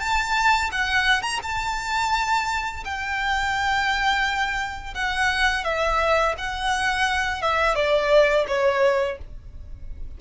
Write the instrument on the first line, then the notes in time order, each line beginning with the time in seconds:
violin
0.00 A5
0.72 F#5
1.23 A#5
1.43 A5
2.85 G5
4.94 F#5
5.65 E5
6.38 F#5
7.42 E5
7.76 D5
8.48 C#5